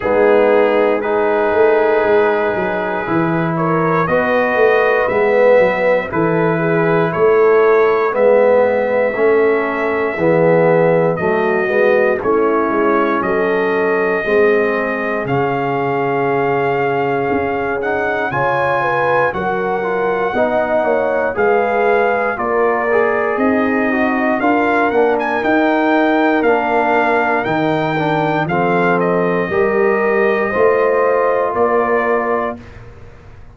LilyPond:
<<
  \new Staff \with { instrumentName = "trumpet" } { \time 4/4 \tempo 4 = 59 gis'4 b'2~ b'8 cis''8 | dis''4 e''4 b'4 cis''4 | e''2. dis''4 | cis''4 dis''2 f''4~ |
f''4. fis''8 gis''4 fis''4~ | fis''4 f''4 d''4 dis''4 | f''8 fis''16 gis''16 g''4 f''4 g''4 | f''8 dis''2~ dis''8 d''4 | }
  \new Staff \with { instrumentName = "horn" } { \time 4/4 dis'4 gis'2~ gis'8 ais'8 | b'2 a'8 gis'8 a'4 | b'4 a'4 gis'4 fis'4 | e'4 a'4 gis'2~ |
gis'2 cis''8 b'8 ais'4 | dis''8 cis''8 b'4 ais'4 dis'4 | ais'1 | a'4 ais'4 c''4 ais'4 | }
  \new Staff \with { instrumentName = "trombone" } { \time 4/4 b4 dis'2 e'4 | fis'4 b4 e'2 | b4 cis'4 b4 a8 b8 | cis'2 c'4 cis'4~ |
cis'4. dis'8 f'4 fis'8 f'8 | dis'4 gis'4 f'8 gis'4 fis'8 | f'8 d'8 dis'4 d'4 dis'8 d'8 | c'4 g'4 f'2 | }
  \new Staff \with { instrumentName = "tuba" } { \time 4/4 gis4. a8 gis8 fis8 e4 | b8 a8 gis8 fis8 e4 a4 | gis4 a4 e4 fis8 gis8 | a8 gis8 fis4 gis4 cis4~ |
cis4 cis'4 cis4 fis4 | b8 ais8 gis4 ais4 c'4 | d'8 ais8 dis'4 ais4 dis4 | f4 g4 a4 ais4 | }
>>